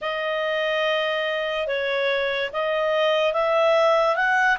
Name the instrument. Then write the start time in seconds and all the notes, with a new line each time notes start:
clarinet
0.01 D#5
1.67 C#5
2.52 D#5
3.33 E5
4.16 F#5